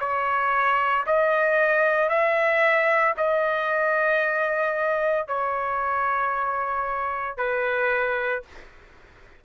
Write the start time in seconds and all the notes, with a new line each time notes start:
0.00 C#5
1.07 D#5
2.10 E5
3.17 D#5
5.28 C#5
7.38 B4